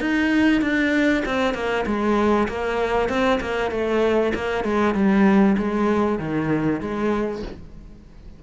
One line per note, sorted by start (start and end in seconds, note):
0.00 0.61 D#4
0.61 1.23 D4
1.25 1.54 C4
1.54 1.85 A#3
1.86 2.48 G#3
2.48 3.09 A#3
3.09 3.40 C4
3.40 3.71 A#3
3.71 4.33 A3
4.34 4.64 A#3
4.64 4.94 G#3
4.94 5.56 G3
5.58 6.19 G#3
6.19 6.80 D#3
6.80 7.42 G#3